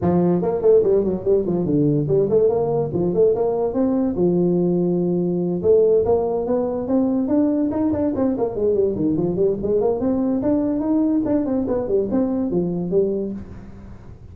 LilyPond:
\new Staff \with { instrumentName = "tuba" } { \time 4/4 \tempo 4 = 144 f4 ais8 a8 g8 fis8 g8 f8 | d4 g8 a8 ais4 f8 a8 | ais4 c'4 f2~ | f4. a4 ais4 b8~ |
b8 c'4 d'4 dis'8 d'8 c'8 | ais8 gis8 g8 dis8 f8 g8 gis8 ais8 | c'4 d'4 dis'4 d'8 c'8 | b8 g8 c'4 f4 g4 | }